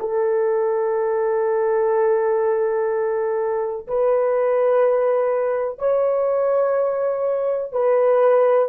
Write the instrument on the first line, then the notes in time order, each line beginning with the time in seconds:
horn
0.00 A4
3.88 B4
5.79 C#5
7.72 B4